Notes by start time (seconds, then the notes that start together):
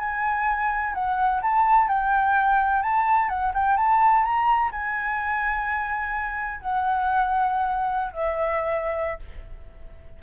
0.00 G#5
0.94 F#5
1.42 A5
1.89 G5
2.83 A5
3.29 F#5
3.54 G5
3.77 A5
4.25 A#5
4.72 G#5
6.61 F#5
8.13 E5